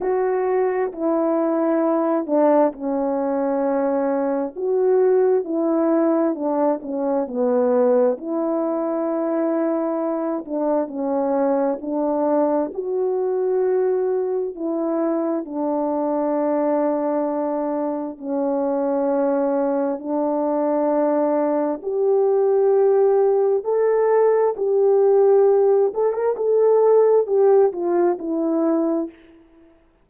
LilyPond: \new Staff \with { instrumentName = "horn" } { \time 4/4 \tempo 4 = 66 fis'4 e'4. d'8 cis'4~ | cis'4 fis'4 e'4 d'8 cis'8 | b4 e'2~ e'8 d'8 | cis'4 d'4 fis'2 |
e'4 d'2. | cis'2 d'2 | g'2 a'4 g'4~ | g'8 a'16 ais'16 a'4 g'8 f'8 e'4 | }